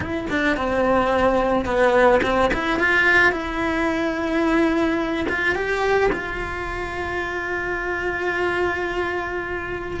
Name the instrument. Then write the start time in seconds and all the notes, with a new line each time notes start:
cello
0.00 E4
0.30 D4
0.57 C4
1.65 B3
2.22 C4
2.53 E4
2.79 F4
3.32 E4
5.29 F4
5.55 G4
6.12 F4